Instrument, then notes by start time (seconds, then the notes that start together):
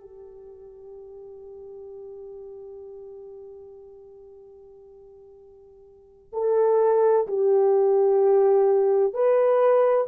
horn
0.00 G4
6.33 A4
7.27 G4
9.14 B4